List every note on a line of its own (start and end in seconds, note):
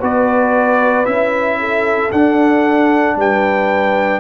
0.00 1.06 B3
0.00 1.05 F#4
0.00 1.58 B4
0.00 1.06 D5
1.05 2.11 C#4
1.05 2.11 E4
1.05 2.11 E5
1.59 3.17 A4
2.11 3.16 D4
2.11 4.20 D4
2.11 3.17 F#5
3.16 4.20 G3
3.16 4.20 B4
3.16 4.20 G5